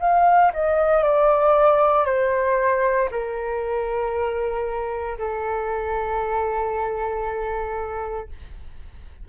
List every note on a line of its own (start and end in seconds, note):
0.00 0.52 F5
0.53 1.03 D#5
1.03 2.05 D5
2.05 3.09 C5
3.11 5.18 A#4
5.18 8.29 A4